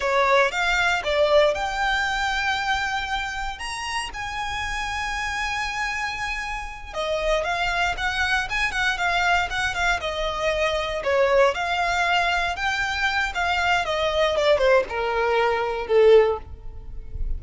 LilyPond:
\new Staff \with { instrumentName = "violin" } { \time 4/4 \tempo 4 = 117 cis''4 f''4 d''4 g''4~ | g''2. ais''4 | gis''1~ | gis''4. dis''4 f''4 fis''8~ |
fis''8 gis''8 fis''8 f''4 fis''8 f''8 dis''8~ | dis''4. cis''4 f''4.~ | f''8 g''4. f''4 dis''4 | d''8 c''8 ais'2 a'4 | }